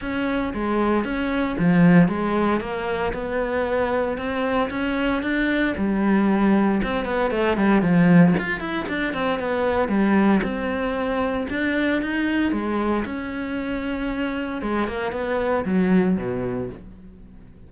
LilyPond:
\new Staff \with { instrumentName = "cello" } { \time 4/4 \tempo 4 = 115 cis'4 gis4 cis'4 f4 | gis4 ais4 b2 | c'4 cis'4 d'4 g4~ | g4 c'8 b8 a8 g8 f4 |
f'8 e'8 d'8 c'8 b4 g4 | c'2 d'4 dis'4 | gis4 cis'2. | gis8 ais8 b4 fis4 b,4 | }